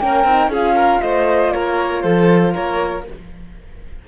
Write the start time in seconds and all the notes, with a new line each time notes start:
0.00 A#3 C#4 A#4 G5
0.24 C4 D#4
0.48 C#4 F4 G#4
0.55 F5
0.76 A#4
1.01 A3 C5 D#5
1.52 A#3 A#4 C#5
2.02 F3 A4 C5
2.54 A#3 A#4 C#5